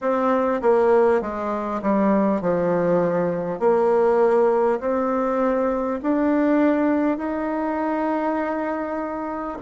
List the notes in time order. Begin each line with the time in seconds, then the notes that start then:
0.01 C4
0.61 A#3
1.21 G#3
1.82 G3
2.41 F3
3.59 A#3
4.79 C4
6.02 D4
7.17 D#4